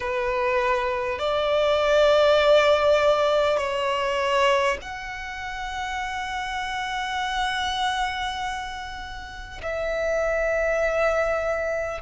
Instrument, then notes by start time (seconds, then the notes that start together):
violin
0.00 B4
1.18 D5
3.57 C#5
4.81 F#5
9.62 E5